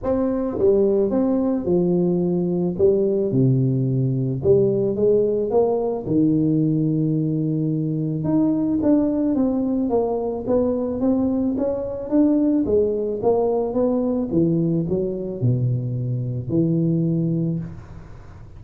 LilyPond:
\new Staff \with { instrumentName = "tuba" } { \time 4/4 \tempo 4 = 109 c'4 g4 c'4 f4~ | f4 g4 c2 | g4 gis4 ais4 dis4~ | dis2. dis'4 |
d'4 c'4 ais4 b4 | c'4 cis'4 d'4 gis4 | ais4 b4 e4 fis4 | b,2 e2 | }